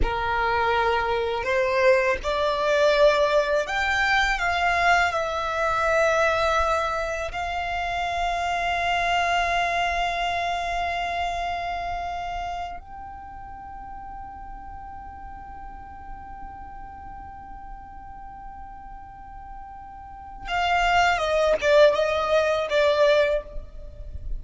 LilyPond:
\new Staff \with { instrumentName = "violin" } { \time 4/4 \tempo 4 = 82 ais'2 c''4 d''4~ | d''4 g''4 f''4 e''4~ | e''2 f''2~ | f''1~ |
f''4. g''2~ g''8~ | g''1~ | g''1 | f''4 dis''8 d''8 dis''4 d''4 | }